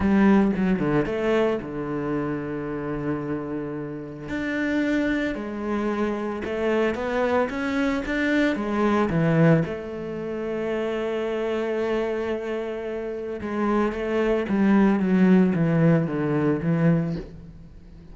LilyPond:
\new Staff \with { instrumentName = "cello" } { \time 4/4 \tempo 4 = 112 g4 fis8 d8 a4 d4~ | d1 | d'2 gis2 | a4 b4 cis'4 d'4 |
gis4 e4 a2~ | a1~ | a4 gis4 a4 g4 | fis4 e4 d4 e4 | }